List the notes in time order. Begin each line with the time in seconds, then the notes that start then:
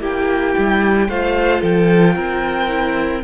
0.00 A#3 E4 G4 G5
0.57 G3
1.08 A3 F4 C5 F5
1.61 F3 A4 G5
2.15 C4 A#4
2.68 E4